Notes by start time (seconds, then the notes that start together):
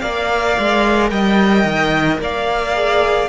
0.00 A#3 A#4 D5 F5
0.59 G#3
1.10 G3 D#5 G5
1.64 D#3
2.19 A#3 D5 F5
2.74 G#4